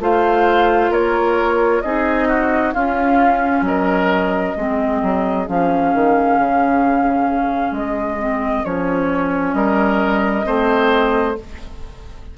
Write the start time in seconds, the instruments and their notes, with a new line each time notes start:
0.00 bassoon A3, clarinet F4, oboe C5, flute F5
0.91 bassoon A#3, oboe A#4, flute C#5
1.81 bassoon C4, clarinet D#4, oboe G#4, flute D#5
2.28 oboe F#4
2.73 bassoon C#4, clarinet C#4, oboe F4, flute F5
3.62 bassoon F#3, oboe A#4, flute D#5
4.57 bassoon G#3, clarinet C4, oboe G#4
5.03 bassoon F#3
5.47 bassoon F3, clarinet C#4, flute F5
5.94 bassoon D#3
6.38 bassoon C#3
7.71 bassoon G#3, flute D#5
8.19 clarinet C4
8.65 bassoon F3, clarinet C#4, flute C#5
9.54 bassoon G3, oboe A#4, flute D#5
10.45 bassoon A3, clarinet C4, oboe C5